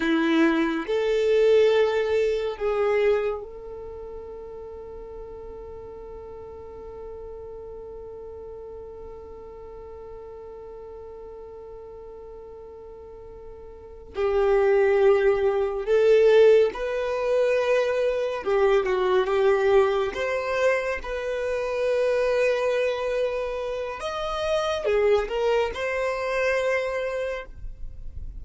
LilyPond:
\new Staff \with { instrumentName = "violin" } { \time 4/4 \tempo 4 = 70 e'4 a'2 gis'4 | a'1~ | a'1~ | a'1~ |
a'8 g'2 a'4 b'8~ | b'4. g'8 fis'8 g'4 c''8~ | c''8 b'2.~ b'8 | dis''4 gis'8 ais'8 c''2 | }